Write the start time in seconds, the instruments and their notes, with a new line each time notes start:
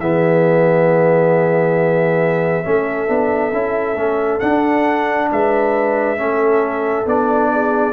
0.00 tuba E3, trombone B3, horn G#4, trumpet E5
2.64 tuba A3, trombone C#4, horn A4
3.08 tuba B3, trombone D4
3.53 tuba C#4, trombone E4
3.96 tuba A3, trombone C#4
4.40 trombone D4, tuba D4, trumpet F#5
5.31 tuba G#3, horn B4, trumpet E5
6.17 tuba A3, trombone C#4, horn A4
7.06 tuba B3, trombone D4, trumpet D5
7.53 horn G#4